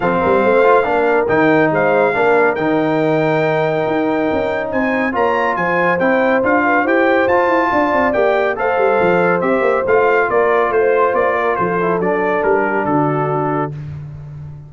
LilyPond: <<
  \new Staff \with { instrumentName = "trumpet" } { \time 4/4 \tempo 4 = 140 f''2. g''4 | f''2 g''2~ | g''2. gis''4 | ais''4 gis''4 g''4 f''4 |
g''4 a''2 g''4 | f''2 e''4 f''4 | d''4 c''4 d''4 c''4 | d''4 ais'4 a'2 | }
  \new Staff \with { instrumentName = "horn" } { \time 4/4 a'8 ais'8 c''4 ais'2 | c''4 ais'2.~ | ais'2. c''4 | cis''4 c''2~ c''8 b'8 |
c''2 d''2 | c''1 | ais'4 c''4. ais'8 a'4~ | a'4. g'8 fis'2 | }
  \new Staff \with { instrumentName = "trombone" } { \time 4/4 c'4. f'8 d'4 dis'4~ | dis'4 d'4 dis'2~ | dis'1 | f'2 e'4 f'4 |
g'4 f'2 g'4 | a'2 g'4 f'4~ | f'2.~ f'8 e'8 | d'1 | }
  \new Staff \with { instrumentName = "tuba" } { \time 4/4 f8 g8 a4 ais4 dis4 | gis4 ais4 dis2~ | dis4 dis'4 cis'4 c'4 | ais4 f4 c'4 d'4 |
e'4 f'8 e'8 d'8 c'8 ais4 | a8 g8 f4 c'8 ais8 a4 | ais4 a4 ais4 f4 | fis4 g4 d2 | }
>>